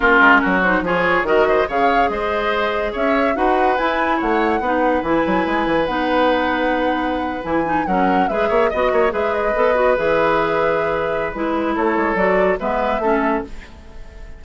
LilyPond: <<
  \new Staff \with { instrumentName = "flute" } { \time 4/4 \tempo 4 = 143 ais'4. c''8 cis''4 dis''4 | f''4 dis''2 e''4 | fis''4 gis''4 fis''2 | gis''2 fis''2~ |
fis''4.~ fis''16 gis''4 fis''4 e''16~ | e''8. dis''4 e''8 dis''4. e''16~ | e''2. b'4 | cis''4 d''4 e''2 | }
  \new Staff \with { instrumentName = "oboe" } { \time 4/4 f'4 fis'4 gis'4 ais'8 c''8 | cis''4 c''2 cis''4 | b'2 cis''4 b'4~ | b'1~ |
b'2~ b'8. ais'4 b'16~ | b'16 cis''8 dis''8 cis''8 b'2~ b'16~ | b'1 | a'2 b'4 a'4 | }
  \new Staff \with { instrumentName = "clarinet" } { \time 4/4 cis'4. dis'8 f'4 fis'4 | gis'1 | fis'4 e'2 dis'4 | e'2 dis'2~ |
dis'4.~ dis'16 e'8 dis'8 cis'4 gis'16~ | gis'8. fis'4 gis'4 a'8 fis'8 gis'16~ | gis'2. e'4~ | e'4 fis'4 b4 cis'4 | }
  \new Staff \with { instrumentName = "bassoon" } { \time 4/4 ais8 gis8 fis4 f4 dis4 | cis4 gis2 cis'4 | dis'4 e'4 a4 b4 | e8 fis8 gis8 e8 b2~ |
b4.~ b16 e4 fis4 gis16~ | gis16 ais8 b8 ais8 gis4 b4 e16~ | e2. gis4 | a8 gis8 fis4 gis4 a4 | }
>>